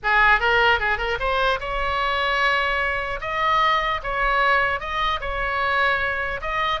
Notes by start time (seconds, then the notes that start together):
0.03 G#4
0.40 A#4
0.79 G#4
0.98 A#4
1.19 C5
1.59 C#5
3.20 D#5
4.03 C#5
4.80 D#5
5.20 C#5
6.41 D#5